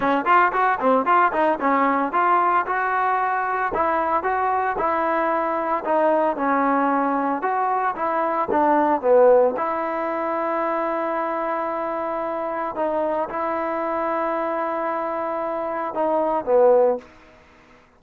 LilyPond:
\new Staff \with { instrumentName = "trombone" } { \time 4/4 \tempo 4 = 113 cis'8 f'8 fis'8 c'8 f'8 dis'8 cis'4 | f'4 fis'2 e'4 | fis'4 e'2 dis'4 | cis'2 fis'4 e'4 |
d'4 b4 e'2~ | e'1 | dis'4 e'2.~ | e'2 dis'4 b4 | }